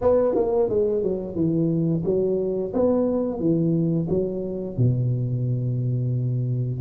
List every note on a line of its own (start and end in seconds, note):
0.01 0.34 B3
0.34 0.68 A#3
0.68 1.02 G#3
1.02 1.35 F#3
1.35 2.03 E3
2.05 2.73 F#3
2.73 3.39 B3
3.39 4.07 E3
4.09 4.77 F#3
4.77 6.81 B2